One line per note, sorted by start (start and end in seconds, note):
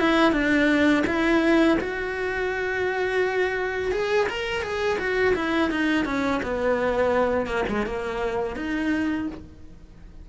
0.00 0.32 E4
0.32 1.04 D4
1.06 1.78 E4
1.80 3.92 F#4
3.92 4.27 G#4
4.29 4.62 A#4
4.62 4.98 G#4
4.99 5.34 F#4
5.35 5.70 E4
5.70 6.05 D#4
6.05 6.41 C#4
6.43 7.46 B3
7.46 7.64 A#3
7.69 7.86 G#3
7.86 8.56 A#3
8.56 9.27 D#4